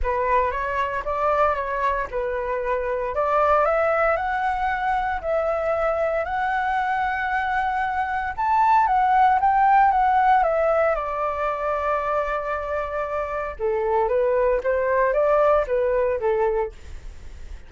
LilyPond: \new Staff \with { instrumentName = "flute" } { \time 4/4 \tempo 4 = 115 b'4 cis''4 d''4 cis''4 | b'2 d''4 e''4 | fis''2 e''2 | fis''1 |
a''4 fis''4 g''4 fis''4 | e''4 d''2.~ | d''2 a'4 b'4 | c''4 d''4 b'4 a'4 | }